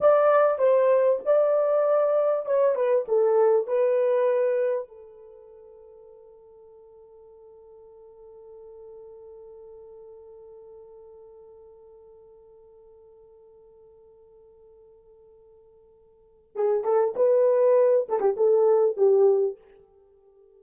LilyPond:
\new Staff \with { instrumentName = "horn" } { \time 4/4 \tempo 4 = 98 d''4 c''4 d''2 | cis''8 b'8 a'4 b'2 | a'1~ | a'1~ |
a'1~ | a'1~ | a'2. gis'8 a'8 | b'4. a'16 g'16 a'4 g'4 | }